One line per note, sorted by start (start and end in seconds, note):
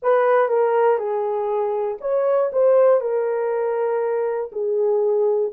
0.02 0.48 B4
0.48 0.98 A#4
0.98 1.98 G#4
2.00 2.50 C#5
2.52 3.00 C5
3.00 4.50 A#4
4.52 5.52 G#4